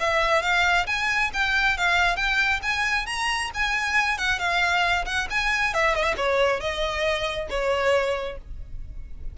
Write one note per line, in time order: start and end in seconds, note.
0.00 0.43 E5
0.43 0.87 F5
0.87 1.31 G#5
1.34 1.78 G5
1.78 2.17 F5
2.17 2.61 G5
2.63 3.07 G#5
3.07 3.51 A#5
3.55 4.18 G#5
4.18 4.39 F#5
4.39 5.05 F5
5.06 5.28 F#5
5.30 5.74 G#5
5.74 5.95 E5
5.95 6.04 D#5
6.04 6.15 E5
6.17 6.60 C#5
6.60 7.49 D#5
7.50 8.38 C#5